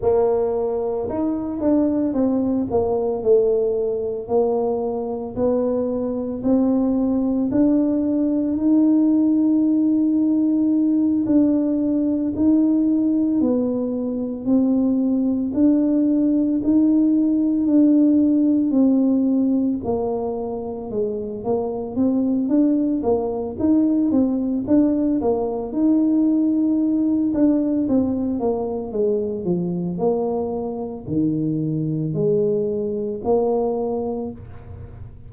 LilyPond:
\new Staff \with { instrumentName = "tuba" } { \time 4/4 \tempo 4 = 56 ais4 dis'8 d'8 c'8 ais8 a4 | ais4 b4 c'4 d'4 | dis'2~ dis'8 d'4 dis'8~ | dis'8 b4 c'4 d'4 dis'8~ |
dis'8 d'4 c'4 ais4 gis8 | ais8 c'8 d'8 ais8 dis'8 c'8 d'8 ais8 | dis'4. d'8 c'8 ais8 gis8 f8 | ais4 dis4 gis4 ais4 | }